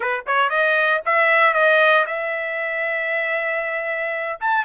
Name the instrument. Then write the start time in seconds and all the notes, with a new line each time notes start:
trumpet
0.00 B4
0.26 C#5
0.49 D#5
1.05 E5
1.53 D#5
2.06 E5
4.40 A5